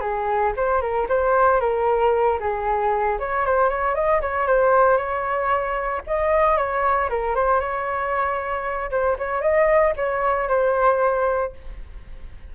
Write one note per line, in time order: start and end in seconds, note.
0.00 0.52 G#4
0.56 0.81 C5
0.81 1.07 A#4
1.09 1.60 C5
1.60 2.39 A#4
2.40 3.18 G#4
3.19 3.45 C#5
3.45 3.69 C5
3.69 3.94 C#5
3.94 4.20 D#5
4.21 4.47 C#5
4.47 4.97 C5
4.97 6.01 C#5
6.06 6.57 D#5
6.57 7.09 C#5
7.09 7.35 A#4
7.35 7.60 C5
7.60 8.90 C#5
8.91 9.17 C5
9.18 9.41 C#5
9.41 9.93 D#5
9.96 10.48 C#5
10.48 11.53 C5